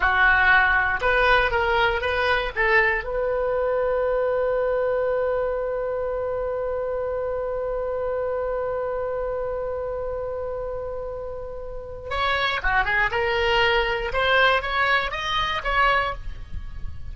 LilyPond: \new Staff \with { instrumentName = "oboe" } { \time 4/4 \tempo 4 = 119 fis'2 b'4 ais'4 | b'4 a'4 b'2~ | b'1~ | b'1~ |
b'1~ | b'1 | cis''4 fis'8 gis'8 ais'2 | c''4 cis''4 dis''4 cis''4 | }